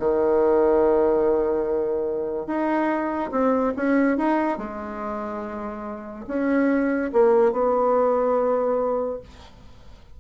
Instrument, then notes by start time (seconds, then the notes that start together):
bassoon
0.00 D#3
2.47 D#4
3.32 C4
3.77 C#4
4.18 D#4
4.58 G#3
6.28 C#4
7.13 A#3
7.53 B3